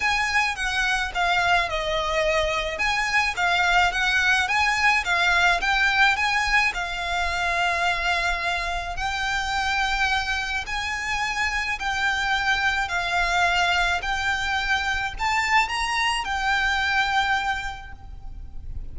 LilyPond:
\new Staff \with { instrumentName = "violin" } { \time 4/4 \tempo 4 = 107 gis''4 fis''4 f''4 dis''4~ | dis''4 gis''4 f''4 fis''4 | gis''4 f''4 g''4 gis''4 | f''1 |
g''2. gis''4~ | gis''4 g''2 f''4~ | f''4 g''2 a''4 | ais''4 g''2. | }